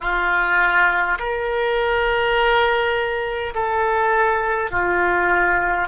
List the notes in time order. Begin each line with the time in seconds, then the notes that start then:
0.00 F4
1.18 A#4
3.54 A4
4.71 F4